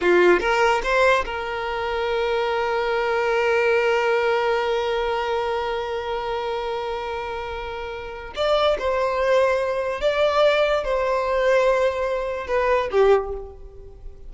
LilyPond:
\new Staff \with { instrumentName = "violin" } { \time 4/4 \tempo 4 = 144 f'4 ais'4 c''4 ais'4~ | ais'1~ | ais'1~ | ais'1~ |
ais'1 | d''4 c''2. | d''2 c''2~ | c''2 b'4 g'4 | }